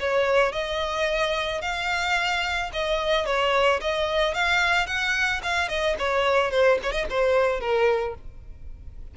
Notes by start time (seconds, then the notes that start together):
0.00 C#5
0.52 D#5
1.62 F5
2.73 D#5
3.26 C#5
3.81 D#5
4.34 F5
4.87 F#5
5.43 F5
5.69 D#5
5.99 C#5
6.51 C5
6.83 C#5
6.92 D#5
7.10 C5
7.60 A#4